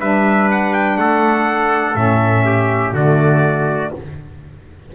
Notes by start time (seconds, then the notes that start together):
0.00 G3 D4 B4 E5
0.51 F#5
0.74 G5
0.98 A3 A4 F#5
1.95 A2 C#4 E5
2.46 G4
2.93 D3 A3 F#4 D5